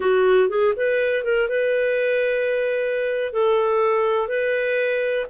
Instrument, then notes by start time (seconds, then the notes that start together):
clarinet
0.00 F#4
0.49 G#4
0.76 B4
1.24 A#4
1.48 B4
3.32 A4
4.28 B4